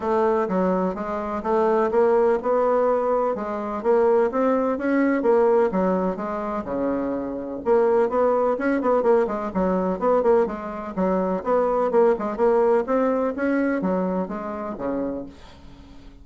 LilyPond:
\new Staff \with { instrumentName = "bassoon" } { \time 4/4 \tempo 4 = 126 a4 fis4 gis4 a4 | ais4 b2 gis4 | ais4 c'4 cis'4 ais4 | fis4 gis4 cis2 |
ais4 b4 cis'8 b8 ais8 gis8 | fis4 b8 ais8 gis4 fis4 | b4 ais8 gis8 ais4 c'4 | cis'4 fis4 gis4 cis4 | }